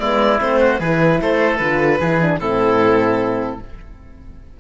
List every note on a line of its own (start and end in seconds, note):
0.00 0.41 G#3
0.00 0.39 B3
0.00 0.60 E4
0.00 0.40 D5
0.39 0.80 A3
0.39 0.79 C4
0.39 0.80 C5
0.60 0.79 F#4
0.79 1.20 E3
0.79 1.60 E4
0.79 1.19 G#4
0.79 1.20 B4
1.21 1.60 A3
1.21 2.00 A4
1.21 1.57 C5
1.57 2.00 D3
1.57 2.01 F4
1.57 2.37 B4
2.00 2.40 E3
2.00 2.22 E4
2.00 2.40 G#4
2.22 2.40 D4
2.40 3.60 A2
2.40 3.60 C4
2.40 3.60 E4
2.40 3.60 A4